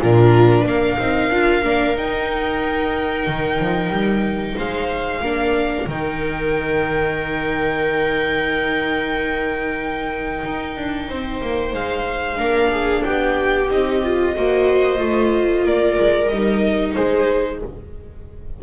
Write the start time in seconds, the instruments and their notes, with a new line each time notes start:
0.00 double bass A#2, viola D4 F4, violin A#4
0.65 double bass A#3, viola A#4, violin F5
0.99 double bass C4, viola D#4
1.29 double bass D4, viola F4
1.63 double bass A#3, viola D4
1.96 double bass D#4, viola D#4, violin G5
3.26 double bass D#3
3.59 double bass F3
3.89 double bass G3
4.57 double bass G#3, viola C5, violin F5
5.21 double bass A#3, viola D4 A#4
5.86 double bass D#3, viola D#4, violin G5
10.44 double bass D#4
10.76 double bass D4
11.08 double bass C4, viola C5
11.41 double bass A#3
11.73 double bass G#3, violin F5
12.36 double bass A#3, viola D4 A#4
12.71 viola G#4
13.03 double bass B3, viola G4, violin G5
13.70 double bass C4, viola D#4, violin D#5
14.03 viola F4
14.35 double bass A#3, viola F#4 C5
14.96 double bass A3, viola F4
15.64 double bass A#3, viola A#4, violin D5
15.99 double bass G#3
16.28 double bass G3, viola D#4, violin D#5
16.94 double bass G#3, viola G#4, violin C5